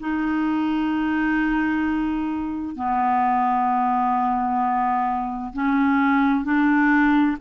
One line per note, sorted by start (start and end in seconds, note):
0.00 2.76 D#4
2.76 5.53 B3
5.53 6.44 C#4
6.44 7.37 D4